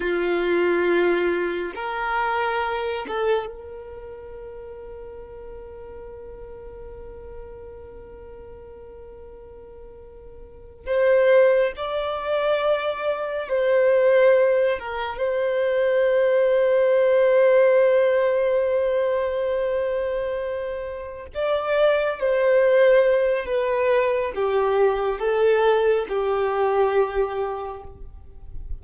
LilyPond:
\new Staff \with { instrumentName = "violin" } { \time 4/4 \tempo 4 = 69 f'2 ais'4. a'8 | ais'1~ | ais'1~ | ais'8 c''4 d''2 c''8~ |
c''4 ais'8 c''2~ c''8~ | c''1~ | c''8 d''4 c''4. b'4 | g'4 a'4 g'2 | }